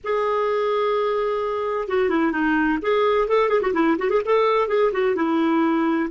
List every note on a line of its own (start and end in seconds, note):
0.04 1.88 G#4
1.88 2.09 F#4
2.09 2.31 E4
2.31 2.78 D#4
2.81 3.28 G#4
3.28 3.49 A4
3.49 3.60 G#4
3.61 3.73 F#4
3.73 3.97 E4
3.98 4.10 F#4
4.10 4.21 G#4
4.25 4.68 A4
4.68 4.91 G#4
4.92 5.15 F#4
5.15 6.09 E4